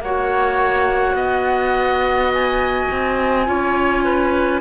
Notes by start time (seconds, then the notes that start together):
0.00 A#3 F#4 C#5 F#5
1.15 B3 D#5
2.33 G#5
2.92 C4
3.46 C#4 F4 C#5
4.05 B4